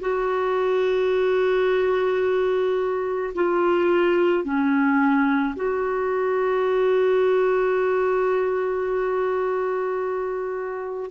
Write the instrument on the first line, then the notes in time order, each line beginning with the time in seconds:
clarinet
0.00 F#4
3.34 F4
4.44 C#4
5.56 F#4